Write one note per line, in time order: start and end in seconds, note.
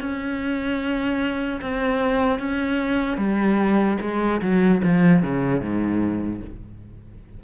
0.00 1.60 C#4
1.61 2.39 C4
2.39 3.17 C#4
3.17 3.97 G3
4.01 4.41 G#3
4.41 4.81 F#3
4.84 5.23 F3
5.23 5.61 C#3
5.61 6.41 G#2